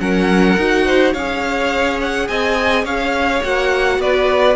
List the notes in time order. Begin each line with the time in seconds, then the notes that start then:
0.00 F#3 C#4 A#4 F#5
0.57 D#4 F#4
0.85 C5
1.13 C#4 G#4 C#5 F5
2.01 F#5
2.28 C4 D#5 G#5
2.85 C#4 C#5 F5
3.43 A#3 F#4 F#5
3.99 B3 B4 D5